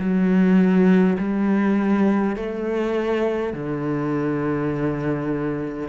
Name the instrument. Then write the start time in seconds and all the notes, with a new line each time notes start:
cello
0.00 F#3
1.19 G3
2.36 A3
3.53 D3